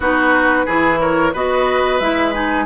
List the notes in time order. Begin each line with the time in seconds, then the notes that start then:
0.00 B3 D#4 F#4 B4
0.65 E3 E4 G#4
1.00 A#4 C#5
1.33 B3 F#4 B4 D#5
1.99 G#3 E4 E5
2.33 D#4 G#5